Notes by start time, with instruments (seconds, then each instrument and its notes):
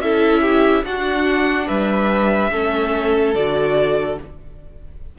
0.00 cello C#4, viola E4, violin A4 E5
0.42 violin G4
0.84 cello D4, viola D4, violin F#4 F#5
1.67 cello G3, violin B4 E5
2.52 cello A3, viola C#4, violin A4
3.35 cello D3, viola F#4, violin D5